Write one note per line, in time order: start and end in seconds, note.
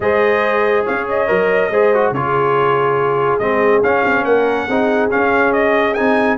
0.00 0.84 G#3
0.00 1.27 G#4
0.00 0.85 C5
0.00 0.86 D#5
0.85 1.29 C#4
0.85 1.70 C#5
0.85 1.07 F5
1.09 2.13 D#5
1.27 1.70 F#3
1.27 1.69 A#4
1.70 2.10 G#3
1.70 1.94 G#4
1.70 2.14 C5
1.94 2.15 F#4
2.10 3.38 C#3
2.10 3.41 F4
2.10 4.27 G#4
2.10 3.38 C#5
3.38 3.81 G#3
3.38 3.83 C4
3.38 3.81 D#5
3.82 4.04 C#4
3.82 4.69 C#4
3.82 4.24 F5
4.04 4.24 C4
4.24 4.66 A#3
4.24 4.68 A#4
4.24 5.09 F#5
4.68 5.11 C4
4.68 5.10 D#4
4.68 6.37 G#4
5.10 5.95 C#4
5.10 5.99 C#4
5.10 5.52 F5
5.52 5.94 D#5
5.94 6.37 C4
5.94 6.37 D#4
5.94 6.36 G#5